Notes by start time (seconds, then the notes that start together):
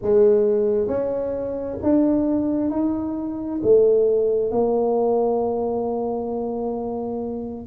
0.01 G#3
0.87 C#4
1.82 D4
2.70 D#4
3.62 A3
4.51 A#3